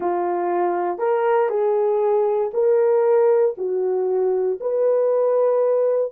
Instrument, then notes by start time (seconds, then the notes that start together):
horn
0.00 F4
0.98 A#4
1.49 G#4
2.53 A#4
3.57 F#4
4.60 B4